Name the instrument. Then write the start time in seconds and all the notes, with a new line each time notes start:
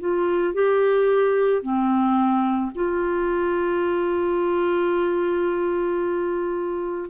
clarinet
0.00 F4
0.54 G4
1.63 C4
2.75 F4